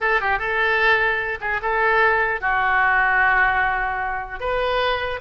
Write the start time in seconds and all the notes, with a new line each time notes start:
0.00 A4
0.20 G4
0.38 A4
1.41 G#4
1.61 A4
2.41 F#4
4.40 B4